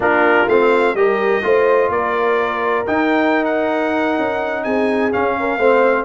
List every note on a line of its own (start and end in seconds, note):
0.00 0.45 A#3
0.00 0.48 D4
0.00 0.96 F4
0.00 0.48 A#4
0.47 0.94 A3
0.47 0.96 C4
0.47 0.95 F5
0.94 1.41 G3
0.94 1.42 G4
0.94 1.44 A#4
0.94 1.90 D#5
1.42 1.89 A3
1.42 2.85 F4
1.42 1.91 C5
1.89 2.84 A#3
1.89 4.64 A#4
1.89 2.86 D5
2.86 5.12 D#4
2.86 4.18 D#4
2.86 3.44 G5
3.44 4.63 F#5
4.18 4.65 C#4
4.63 5.13 C4
4.63 5.36 G#4
4.63 5.11 G#5
5.12 5.59 C#4
5.12 5.57 C#4
5.12 6.04 F5
5.39 5.58 A#4
5.57 6.04 A3
5.57 6.04 C4
5.57 6.04 C5